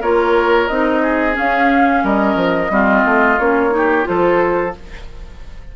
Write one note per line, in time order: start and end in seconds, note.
0.00 0.68 A#3
0.00 0.69 F4
0.00 1.01 A#4
0.00 0.67 C#5
0.67 1.37 C4
0.67 1.32 D#4
0.67 1.35 D#5
1.02 2.03 G#4
1.32 2.67 C#4
1.38 2.03 C#4
1.38 2.05 F5
2.03 2.35 G3
2.03 2.71 A#4
2.03 3.39 D#5
2.35 2.68 F3
2.70 3.03 G3
2.70 3.38 C4
2.70 3.73 F4
3.04 3.38 A3
3.38 4.06 A#3
3.38 3.70 C#4
3.38 4.06 C#5
3.70 4.03 D#4
3.76 4.08 G4
4.03 4.75 F3
4.03 4.70 F4
4.03 4.76 A4
4.03 4.74 C5